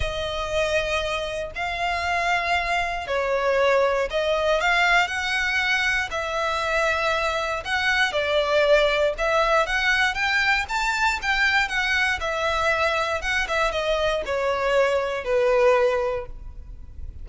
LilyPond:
\new Staff \with { instrumentName = "violin" } { \time 4/4 \tempo 4 = 118 dis''2. f''4~ | f''2 cis''2 | dis''4 f''4 fis''2 | e''2. fis''4 |
d''2 e''4 fis''4 | g''4 a''4 g''4 fis''4 | e''2 fis''8 e''8 dis''4 | cis''2 b'2 | }